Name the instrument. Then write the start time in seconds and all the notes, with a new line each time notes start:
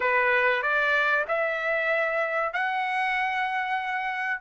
trumpet
0.00 B4
0.62 D5
1.28 E5
2.53 F#5